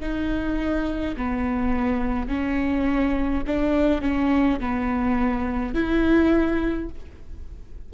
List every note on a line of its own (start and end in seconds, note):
0.00 1.15 D#4
1.17 2.28 B3
2.28 3.44 C#4
3.47 4.02 D4
4.02 4.59 C#4
4.60 5.74 B3
5.74 6.90 E4